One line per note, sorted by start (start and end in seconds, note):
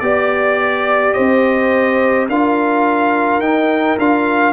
0.00 1.14 B3
0.00 2.29 G4
0.00 1.13 D5
0.00 1.15 D5
1.13 2.28 C4
1.13 2.28 C5
1.13 2.27 D#5
2.28 3.39 D4
2.28 3.42 F4
2.28 4.54 A#4
2.28 3.41 F5
3.39 3.96 D#4
3.39 3.99 D#4
3.39 3.98 G5
3.99 4.54 D4
3.99 4.54 F4
3.99 4.54 F5